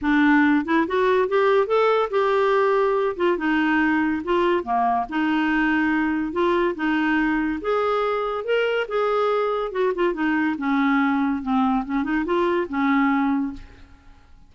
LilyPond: \new Staff \with { instrumentName = "clarinet" } { \time 4/4 \tempo 4 = 142 d'4. e'8 fis'4 g'4 | a'4 g'2~ g'8 f'8 | dis'2 f'4 ais4 | dis'2. f'4 |
dis'2 gis'2 | ais'4 gis'2 fis'8 f'8 | dis'4 cis'2 c'4 | cis'8 dis'8 f'4 cis'2 | }